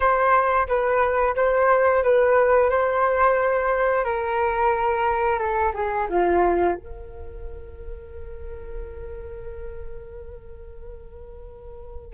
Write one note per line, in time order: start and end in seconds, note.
0.00 0.67 C5
0.67 1.35 B4
1.35 2.03 C5
2.03 2.70 B4
2.70 4.04 C5
4.04 5.38 A#4
5.38 5.72 A4
5.74 6.07 G#4
6.09 6.75 F4
6.75 12.13 A#4